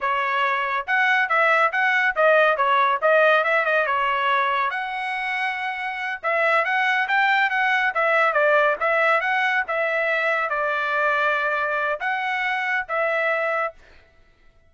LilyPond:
\new Staff \with { instrumentName = "trumpet" } { \time 4/4 \tempo 4 = 140 cis''2 fis''4 e''4 | fis''4 dis''4 cis''4 dis''4 | e''8 dis''8 cis''2 fis''4~ | fis''2~ fis''8 e''4 fis''8~ |
fis''8 g''4 fis''4 e''4 d''8~ | d''8 e''4 fis''4 e''4.~ | e''8 d''2.~ d''8 | fis''2 e''2 | }